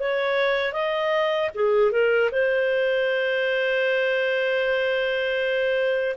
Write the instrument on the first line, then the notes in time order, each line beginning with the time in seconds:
clarinet
0.00 C#5
0.73 D#5
1.55 G#4
1.92 A#4
2.31 C5